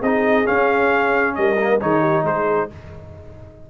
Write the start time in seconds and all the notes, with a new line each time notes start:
0.00 C4 D#4 G#4 D#5
0.45 C#4 F5
1.35 G3 A#4 D#5
1.58 A#3
1.81 D#3 D#4 G#4 C#5
2.00 G4
2.23 G#3 G#4 C5